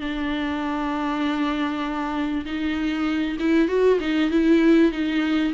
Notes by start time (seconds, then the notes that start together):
0.00 D4
2.45 D#4
3.39 E4
3.68 F#4
4.00 D#4
4.31 E4
4.91 D#4